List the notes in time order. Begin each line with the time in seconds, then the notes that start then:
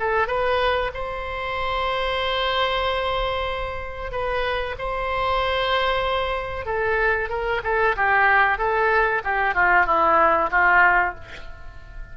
0.00 A4
0.28 B4
0.94 C5
4.12 B4
4.79 C5
6.66 A4
7.30 A#4
7.64 A4
7.96 G4
8.59 A4
9.24 G4
9.55 F4
9.86 E4
10.51 F4